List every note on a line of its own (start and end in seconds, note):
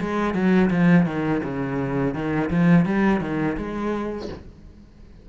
0.00 0.34 G#3
0.34 0.70 F#3
0.70 1.06 F3
1.06 1.42 D#3
1.43 2.14 C#3
2.14 2.50 D#3
2.50 2.85 F3
2.85 3.20 G3
3.20 3.56 D#3
3.57 4.29 G#3